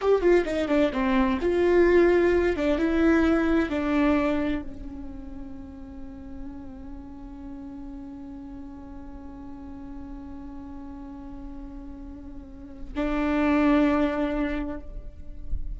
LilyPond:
\new Staff \with { instrumentName = "viola" } { \time 4/4 \tempo 4 = 130 g'8 f'8 dis'8 d'8 c'4 f'4~ | f'4. d'8 e'2 | d'2 cis'2~ | cis'1~ |
cis'1~ | cis'1~ | cis'1 | d'1 | }